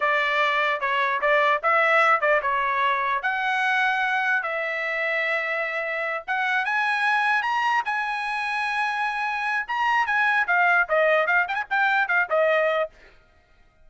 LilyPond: \new Staff \with { instrumentName = "trumpet" } { \time 4/4 \tempo 4 = 149 d''2 cis''4 d''4 | e''4. d''8 cis''2 | fis''2. e''4~ | e''2.~ e''8 fis''8~ |
fis''8 gis''2 ais''4 gis''8~ | gis''1 | ais''4 gis''4 f''4 dis''4 | f''8 g''16 gis''16 g''4 f''8 dis''4. | }